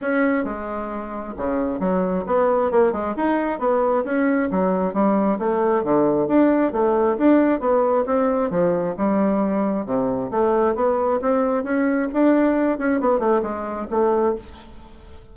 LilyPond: \new Staff \with { instrumentName = "bassoon" } { \time 4/4 \tempo 4 = 134 cis'4 gis2 cis4 | fis4 b4 ais8 gis8 dis'4 | b4 cis'4 fis4 g4 | a4 d4 d'4 a4 |
d'4 b4 c'4 f4 | g2 c4 a4 | b4 c'4 cis'4 d'4~ | d'8 cis'8 b8 a8 gis4 a4 | }